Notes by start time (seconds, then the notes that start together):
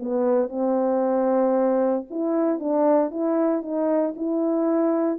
0.00 B3
0.49 C4
2.10 E4
2.60 D4
3.11 E4
3.62 D#4
4.16 E4